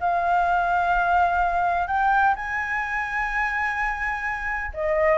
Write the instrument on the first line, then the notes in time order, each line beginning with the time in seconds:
flute
0.00 F5
1.87 G5
2.36 G#5
4.74 D#5